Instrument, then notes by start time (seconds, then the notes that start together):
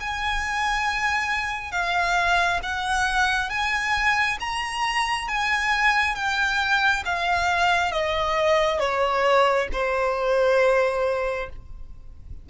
violin
0.00 G#5
1.72 F5
2.63 F#5
3.50 G#5
4.40 A#5
5.28 G#5
6.15 G5
7.05 F5
7.91 D#5
8.80 C#5
9.73 C5